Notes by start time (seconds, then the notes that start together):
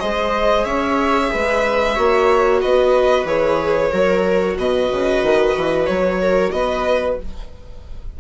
0.00 G#3 G#4 C5 D#5
0.65 C#4 C#5 E5
1.32 G#3 B4
1.95 A#3 F#4 C#5
2.62 B3 B4 D#5
3.25 E3 G#4 C#5
3.92 F#3 F#4 A#4
4.57 B2 B4 D#5
4.91 C#3
5.23 D#3
5.56 E3
5.86 F#3 C#5
6.21 A#4
6.51 B3 B4 D#5